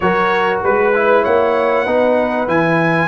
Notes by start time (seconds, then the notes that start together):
0.00 F#3 F#4 A#4 C#5
0.63 G#3 B4
0.94 E4
1.22 A#3 C#5 F#5
1.84 B3 D#4 B4
2.47 E3 E4 G#5